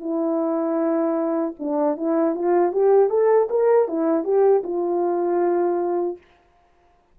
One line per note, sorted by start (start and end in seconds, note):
0.00 1.54 E4
1.59 1.97 D4
1.97 2.35 E4
2.35 2.72 F4
2.72 3.10 G4
3.10 3.48 A4
3.50 3.88 A#4
3.88 4.24 E4
4.24 4.62 G4
4.64 6.17 F4